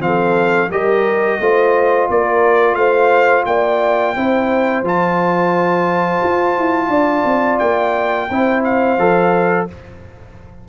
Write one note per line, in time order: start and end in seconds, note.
0.00 0.69 F3
0.00 0.69 C4
0.00 0.70 A4
0.00 0.71 F5
0.70 1.39 G3
0.70 1.41 G4
0.70 1.39 A#4
0.70 2.09 D#5
1.40 2.09 A3
1.40 4.16 F4
1.40 2.10 C5
2.10 2.75 A#3
2.10 2.76 A#4
2.10 2.75 D5
2.75 3.44 A3
2.75 3.45 C5
2.75 3.44 F5
3.46 4.15 A#3
3.46 4.16 D5
3.46 4.84 G5
4.16 4.83 C4
4.16 4.85 E4
4.16 6.89 C5
4.83 6.21 F3
4.83 8.30 F4
4.83 7.59 A5
6.24 6.58 F4
6.58 6.89 E4
6.89 7.23 D4
6.89 8.27 D5
7.25 7.59 C4
7.59 8.30 A#3
7.59 8.62 G5
8.30 8.98 C4
8.30 8.99 E4
8.30 9.69 C5
8.64 9.68 F5
8.98 9.67 F3
8.98 9.68 A4